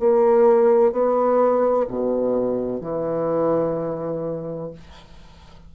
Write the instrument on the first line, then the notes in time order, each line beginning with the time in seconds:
bassoon
0.00 A#3
0.92 B3
1.88 B2
2.81 E3